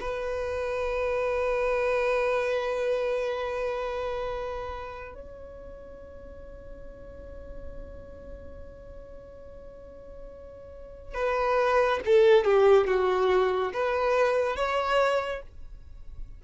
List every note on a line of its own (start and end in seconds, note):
0.00 5.14 B4
5.14 11.14 C#5
11.14 12.00 B4
12.05 12.44 A4
12.44 12.87 G4
12.87 13.73 F#4
13.73 14.56 B4
14.56 15.42 C#5